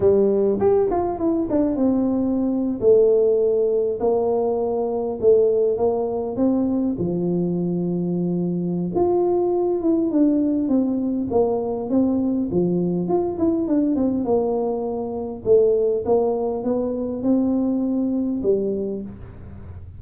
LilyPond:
\new Staff \with { instrumentName = "tuba" } { \time 4/4 \tempo 4 = 101 g4 g'8 f'8 e'8 d'8 c'4~ | c'8. a2 ais4~ ais16~ | ais8. a4 ais4 c'4 f16~ | f2. f'4~ |
f'8 e'8 d'4 c'4 ais4 | c'4 f4 f'8 e'8 d'8 c'8 | ais2 a4 ais4 | b4 c'2 g4 | }